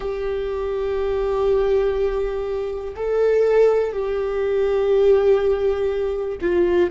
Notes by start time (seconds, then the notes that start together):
0.00 G4
2.96 A4
3.92 G4
6.41 F4